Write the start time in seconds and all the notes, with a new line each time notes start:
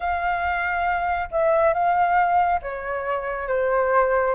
0.00 F5
1.31 E5
1.73 F5
2.61 C#5
3.48 C5